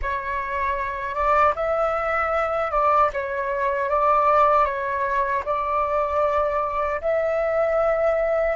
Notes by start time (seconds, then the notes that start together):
0.01 C#5
1.14 D5
1.55 E5
2.71 D5
3.13 C#5
3.89 D5
4.65 C#5
5.45 D5
7.01 E5